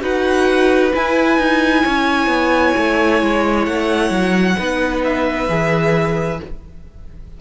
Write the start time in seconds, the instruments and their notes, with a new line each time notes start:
0.00 cello D#4, viola F#4, violin B4 F#5
0.92 viola E4, cello E4, violin G#5
1.38 cello D#4
1.84 cello C#4, violin C#5
2.27 cello B3
2.77 cello A3
3.22 cello G#3
3.65 cello A3, violin F#5
4.10 cello F#3
4.57 cello B3, viola D#4, violin B4
5.04 violin E5
5.48 cello E3, viola G#4